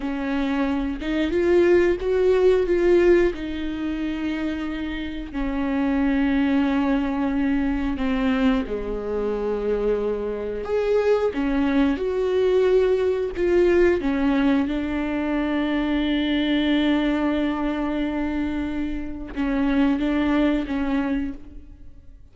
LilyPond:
\new Staff \with { instrumentName = "viola" } { \time 4/4 \tempo 4 = 90 cis'4. dis'8 f'4 fis'4 | f'4 dis'2. | cis'1 | c'4 gis2. |
gis'4 cis'4 fis'2 | f'4 cis'4 d'2~ | d'1~ | d'4 cis'4 d'4 cis'4 | }